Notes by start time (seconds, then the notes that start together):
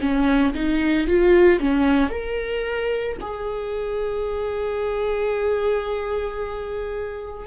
0.00 C#4
0.54 D#4
1.07 F4
1.60 C#4
2.10 A#4
3.20 G#4